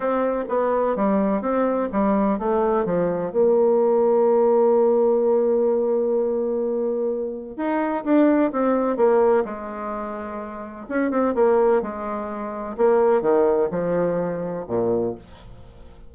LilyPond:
\new Staff \with { instrumentName = "bassoon" } { \time 4/4 \tempo 4 = 127 c'4 b4 g4 c'4 | g4 a4 f4 ais4~ | ais1~ | ais1 |
dis'4 d'4 c'4 ais4 | gis2. cis'8 c'8 | ais4 gis2 ais4 | dis4 f2 ais,4 | }